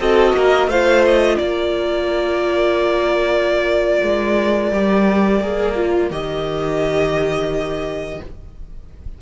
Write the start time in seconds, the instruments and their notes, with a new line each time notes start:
0.00 cello C4, viola F#4, violin A4 D#5
0.34 cello A#3, violin A#4
0.68 cello A3, viola F4, violin C5 F5
1.06 violin D#5
1.38 cello A#3, violin A#4 D5
4.02 cello G#3
4.72 cello G3, viola G4
5.41 cello A#3, viola G#4
5.77 viola F4
6.11 cello D#3, viola G4, violin D#5